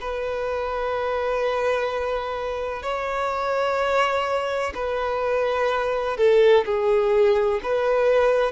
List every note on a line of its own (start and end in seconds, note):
0.00 2.82 B4
2.82 4.73 C#5
4.74 6.17 B4
6.17 6.65 A4
6.65 7.60 G#4
7.63 8.52 B4